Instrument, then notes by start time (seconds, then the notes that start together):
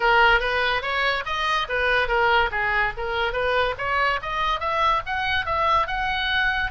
oboe
0.00 A#4
0.40 B4
0.81 C#5
1.25 D#5
1.68 B4
2.08 A#4
2.51 G#4
2.97 A#4
3.33 B4
3.78 C#5
4.21 D#5
4.60 E5
5.06 F#5
5.45 E5
5.87 F#5